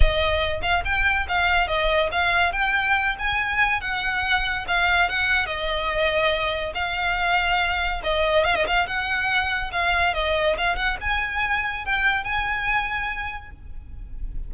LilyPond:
\new Staff \with { instrumentName = "violin" } { \time 4/4 \tempo 4 = 142 dis''4. f''8 g''4 f''4 | dis''4 f''4 g''4. gis''8~ | gis''4 fis''2 f''4 | fis''4 dis''2. |
f''2. dis''4 | f''16 dis''16 f''8 fis''2 f''4 | dis''4 f''8 fis''8 gis''2 | g''4 gis''2. | }